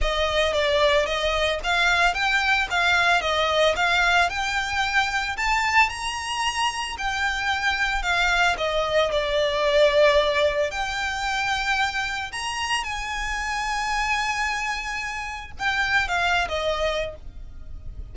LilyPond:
\new Staff \with { instrumentName = "violin" } { \time 4/4 \tempo 4 = 112 dis''4 d''4 dis''4 f''4 | g''4 f''4 dis''4 f''4 | g''2 a''4 ais''4~ | ais''4 g''2 f''4 |
dis''4 d''2. | g''2. ais''4 | gis''1~ | gis''4 g''4 f''8. dis''4~ dis''16 | }